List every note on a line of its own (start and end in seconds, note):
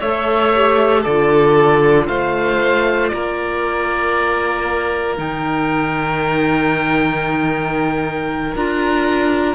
0.00 1.05 A3
0.00 0.55 A4
0.00 1.02 C#5
0.00 1.04 E5
0.55 1.06 G4
1.02 2.08 D3
1.02 5.18 F4
1.02 2.05 A4
1.02 2.07 D5
2.07 3.12 A3
2.07 3.11 C5
2.07 3.08 F5
3.08 9.56 A#4
3.08 5.15 D5
3.14 5.18 A#3
5.18 8.55 D#3
5.18 8.54 D#4
5.18 8.55 G5
8.56 9.56 D4
8.56 9.56 F4
8.56 9.56 A#5